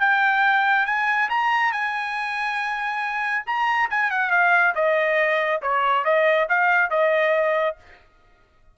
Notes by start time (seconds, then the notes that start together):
0.00 G5
0.86 G#5
1.29 A#5
1.72 G#5
3.46 A#5
3.90 G#5
4.11 F#5
4.30 F5
4.75 D#5
5.62 C#5
6.05 D#5
6.49 F5
6.90 D#5